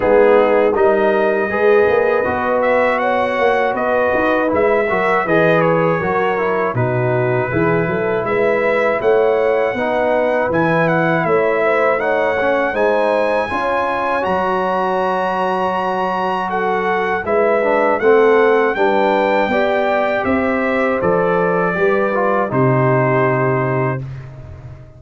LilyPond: <<
  \new Staff \with { instrumentName = "trumpet" } { \time 4/4 \tempo 4 = 80 gis'4 dis''2~ dis''8 e''8 | fis''4 dis''4 e''4 dis''8 cis''8~ | cis''4 b'2 e''4 | fis''2 gis''8 fis''8 e''4 |
fis''4 gis''2 ais''4~ | ais''2 fis''4 e''4 | fis''4 g''2 e''4 | d''2 c''2 | }
  \new Staff \with { instrumentName = "horn" } { \time 4/4 dis'4 ais'4 b'2 | cis''4 b'4. ais'8 b'4 | ais'4 fis'4 gis'8 a'8 b'4 | cis''4 b'2 cis''8 c''8 |
cis''4 c''4 cis''2~ | cis''2 a'4 b'4 | a'4 b'4 d''4 c''4~ | c''4 b'4 g'2 | }
  \new Staff \with { instrumentName = "trombone" } { \time 4/4 b4 dis'4 gis'4 fis'4~ | fis'2 e'8 fis'8 gis'4 | fis'8 e'8 dis'4 e'2~ | e'4 dis'4 e'2 |
dis'8 cis'8 dis'4 f'4 fis'4~ | fis'2. e'8 d'8 | c'4 d'4 g'2 | a'4 g'8 f'8 dis'2 | }
  \new Staff \with { instrumentName = "tuba" } { \time 4/4 gis4 g4 gis8 ais8 b4~ | b8 ais8 b8 dis'8 gis8 fis8 e4 | fis4 b,4 e8 fis8 gis4 | a4 b4 e4 a4~ |
a4 gis4 cis'4 fis4~ | fis2. gis4 | a4 g4 b4 c'4 | f4 g4 c2 | }
>>